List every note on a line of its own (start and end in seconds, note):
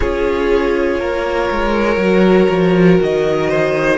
0.00 1.00 C#4
0.00 2.00 F4
0.00 0.99 G#4
0.00 2.99 C#5
0.99 1.50 A#3
0.99 3.49 A#4
1.50 1.96 G#3
1.96 2.46 F#3
1.96 3.97 F#4
2.49 2.99 F3
3.01 3.97 D#3
3.01 3.97 D#5
3.49 3.97 C5